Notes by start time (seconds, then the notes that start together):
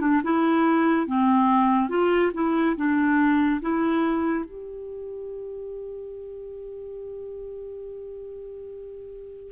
0.00 D4
0.23 E4
1.06 C4
1.89 F4
2.33 E4
2.76 D4
3.61 E4
4.44 G4